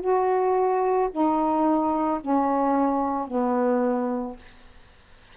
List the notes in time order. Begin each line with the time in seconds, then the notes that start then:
0.00 F#4
1.11 D#4
2.20 C#4
3.27 B3